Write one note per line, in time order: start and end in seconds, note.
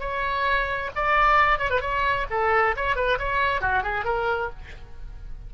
0.00 0.90 C#5
0.96 1.59 D5
1.59 1.70 C#5
1.70 1.81 B4
1.81 2.26 C#5
2.30 2.76 A4
2.76 2.96 C#5
2.96 3.18 B4
3.19 3.61 C#5
3.61 3.83 F#4
3.83 4.05 G#4
4.05 4.50 A#4